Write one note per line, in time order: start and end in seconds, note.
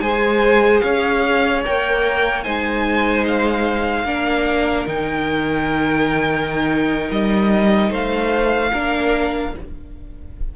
0.00 0.82 G#3
0.00 1.64 G#4
0.00 0.83 C5
0.00 0.80 G#5
0.80 1.64 C#4
0.80 2.43 C#5
0.80 1.61 F5
1.64 2.46 A#3
1.64 2.44 A#4
1.64 2.43 G5
2.43 4.04 G#3
2.43 4.06 D#4
2.43 4.06 C5
2.43 3.24 G#5
3.27 4.87 F5
4.04 4.85 A#3
4.04 4.86 D4
4.04 7.90 A#4
4.86 7.10 D#3
4.86 8.72 D#4
4.86 7.10 G5
7.11 7.90 G3
7.11 7.93 D#5
7.90 8.71 A3
7.90 8.71 C5
7.90 9.56 F5
8.72 9.54 A#3
8.72 9.54 D4
8.72 9.53 A#4